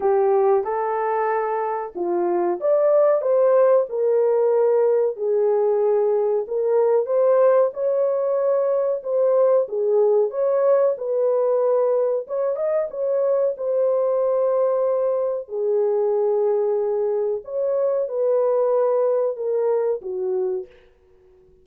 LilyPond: \new Staff \with { instrumentName = "horn" } { \time 4/4 \tempo 4 = 93 g'4 a'2 f'4 | d''4 c''4 ais'2 | gis'2 ais'4 c''4 | cis''2 c''4 gis'4 |
cis''4 b'2 cis''8 dis''8 | cis''4 c''2. | gis'2. cis''4 | b'2 ais'4 fis'4 | }